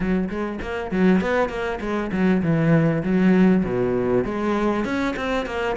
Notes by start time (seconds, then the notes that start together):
0.00 F#3
0.29 G#3
0.61 A#3
0.91 F#3
1.20 B3
1.48 A#3
1.80 G#3
2.12 F#3
2.42 E3
3.03 F#3
3.64 B2
4.24 G#3
4.84 C#4
5.16 C4
5.45 A#3